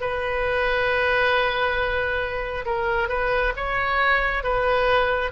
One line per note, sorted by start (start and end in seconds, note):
0.00 2.65 B4
2.65 3.08 A#4
3.08 3.53 B4
3.56 4.43 C#5
4.43 5.31 B4